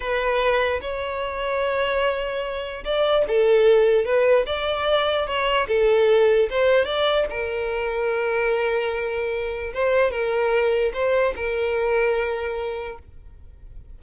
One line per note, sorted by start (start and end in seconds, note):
0.00 0.80 B4
0.81 2.84 C#5
2.84 3.24 D5
3.27 4.05 A4
4.05 4.45 B4
4.46 5.26 D5
5.26 5.67 C#5
5.68 6.49 A4
6.50 6.85 C5
6.85 7.25 D5
7.30 9.73 A#4
9.73 10.11 C5
10.11 10.92 A#4
10.93 11.34 C5
11.36 12.98 A#4